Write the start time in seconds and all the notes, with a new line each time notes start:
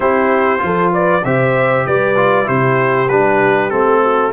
0.00 C4 E4 G4 C5
0.59 F3 F4
0.65 A4
0.92 B4 D5
1.24 C3 G4 C5 E5
1.85 G3 B4 D5
2.15 F4
2.44 C3 E4 G4 C5
3.08 G3 D4 B4
3.69 A3 C4 A4
4.02 F#4